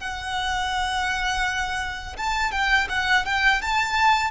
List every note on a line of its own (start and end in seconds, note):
0.00 2.17 F#5
2.17 2.52 A5
2.52 2.88 G5
2.90 3.26 F#5
3.26 3.62 G5
3.62 4.31 A5